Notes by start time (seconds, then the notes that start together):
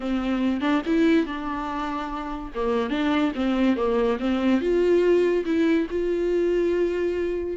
0.00 C4
0.60 D4
0.86 E4
1.26 D4
2.54 A#3
2.90 D4
3.35 C4
3.76 A#3
4.19 C4
4.60 F4
5.45 E4
5.90 F4